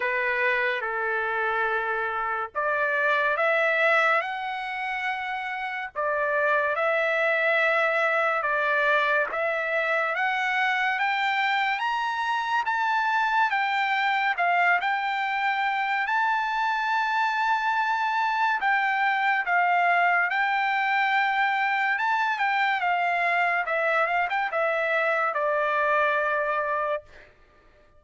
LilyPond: \new Staff \with { instrumentName = "trumpet" } { \time 4/4 \tempo 4 = 71 b'4 a'2 d''4 | e''4 fis''2 d''4 | e''2 d''4 e''4 | fis''4 g''4 ais''4 a''4 |
g''4 f''8 g''4. a''4~ | a''2 g''4 f''4 | g''2 a''8 g''8 f''4 | e''8 f''16 g''16 e''4 d''2 | }